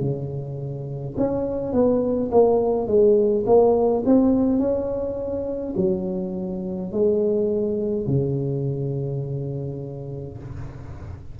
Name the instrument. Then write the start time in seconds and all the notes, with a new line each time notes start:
tuba
0.00 C#3
1.17 C#4
1.73 B3
2.31 A#3
2.87 G#3
3.46 A#3
4.05 C4
4.58 C#4
5.76 F#3
6.92 G#3
8.07 C#3